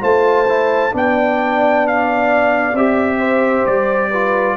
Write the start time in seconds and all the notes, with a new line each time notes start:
0.00 A3 F4 C5 A5
0.48 E4
0.91 B3 D4 D5 G5
1.87 F5
2.73 C4 G4 E5
3.18 C5
3.66 G3 D5
4.09 F4 B4